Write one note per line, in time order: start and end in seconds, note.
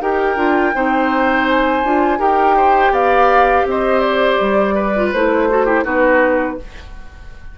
0.00 0.36 D#4
0.00 0.37 G4
0.00 0.75 A#4
0.00 1.47 G5
0.36 0.73 D4
0.36 0.73 F4
0.74 1.84 C4
0.74 1.83 D#4
0.74 2.19 C5
1.48 2.21 G#5
1.84 2.19 D4
1.84 2.18 F4
2.18 2.91 D#4
2.18 4.93 G4
2.18 2.55 A#4
2.18 2.94 G5
2.57 2.92 C5
2.91 3.64 B3
2.91 3.65 D5
2.91 3.67 F5
3.65 4.38 C4
3.65 4.75 C5
3.65 4.00 D#5
4.00 5.09 D5
4.40 5.13 G3
4.75 5.48 B4
4.96 5.14 F4
5.12 5.85 A3
5.12 5.50 E4
5.12 5.85 C5
5.50 5.67 F#4
5.50 5.65 A4
5.65 5.84 E4
5.65 5.84 G4
5.84 6.58 B3
5.84 6.57 D#4
5.84 6.57 F#4
5.84 6.58 B4